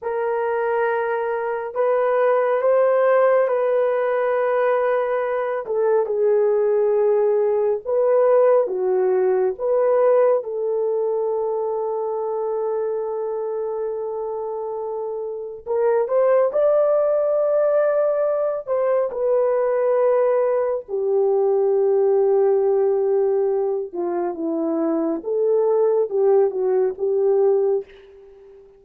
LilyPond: \new Staff \with { instrumentName = "horn" } { \time 4/4 \tempo 4 = 69 ais'2 b'4 c''4 | b'2~ b'8 a'8 gis'4~ | gis'4 b'4 fis'4 b'4 | a'1~ |
a'2 ais'8 c''8 d''4~ | d''4. c''8 b'2 | g'2.~ g'8 f'8 | e'4 a'4 g'8 fis'8 g'4 | }